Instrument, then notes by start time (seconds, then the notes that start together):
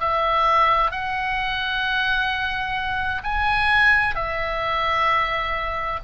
oboe
0.00 E5
0.91 F#5
3.23 G#5
4.15 E5